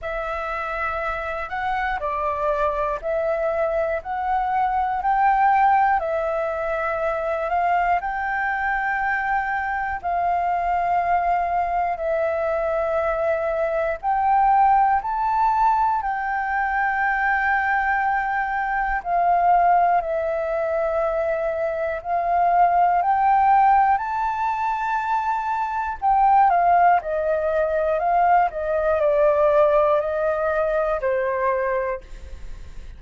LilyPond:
\new Staff \with { instrumentName = "flute" } { \time 4/4 \tempo 4 = 60 e''4. fis''8 d''4 e''4 | fis''4 g''4 e''4. f''8 | g''2 f''2 | e''2 g''4 a''4 |
g''2. f''4 | e''2 f''4 g''4 | a''2 g''8 f''8 dis''4 | f''8 dis''8 d''4 dis''4 c''4 | }